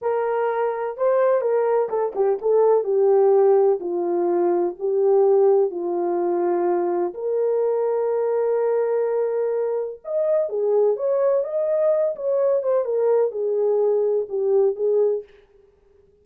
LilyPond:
\new Staff \with { instrumentName = "horn" } { \time 4/4 \tempo 4 = 126 ais'2 c''4 ais'4 | a'8 g'8 a'4 g'2 | f'2 g'2 | f'2. ais'4~ |
ais'1~ | ais'4 dis''4 gis'4 cis''4 | dis''4. cis''4 c''8 ais'4 | gis'2 g'4 gis'4 | }